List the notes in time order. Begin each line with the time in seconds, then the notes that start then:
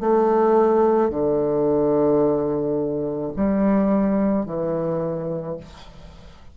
0.00 A3
1.10 D3
3.36 G3
4.46 E3